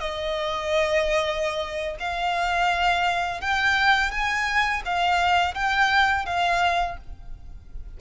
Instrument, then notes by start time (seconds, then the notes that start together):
violin
0.00 D#5
2.00 F5
3.41 G5
4.11 G#5
4.85 F5
5.55 G5
6.26 F5